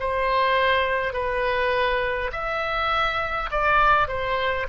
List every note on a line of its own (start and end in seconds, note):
0.00 1.13 C5
1.13 2.31 B4
2.33 3.50 E5
3.51 4.08 D5
4.08 4.67 C5